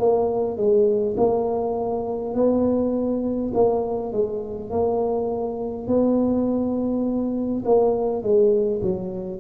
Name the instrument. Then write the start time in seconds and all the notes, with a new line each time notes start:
tuba
0.00 A#3
0.57 G#3
1.18 A#3
2.35 B3
3.55 A#3
4.13 G#3
4.71 A#3
5.88 B3
7.66 A#3
8.23 G#3
8.82 F#3